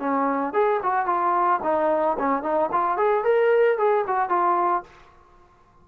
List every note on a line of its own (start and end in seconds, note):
0.00 0.54 C#4
0.54 0.81 G#4
0.83 1.06 F#4
1.06 1.60 F4
1.63 2.17 D#4
2.19 2.43 C#4
2.43 2.70 D#4
2.72 2.98 F4
2.98 3.24 G#4
3.24 3.78 A#4
3.78 4.05 G#4
4.08 4.29 F#4
4.29 4.84 F4